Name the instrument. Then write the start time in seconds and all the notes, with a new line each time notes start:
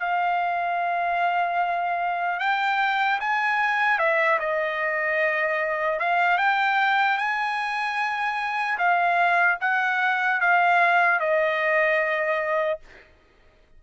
trumpet
0.00 F5
2.40 G5
3.20 G#5
3.99 E5
4.40 D#5
6.00 F5
6.38 G5
7.18 G#5
8.79 F5
9.61 F#5
10.41 F5
11.20 D#5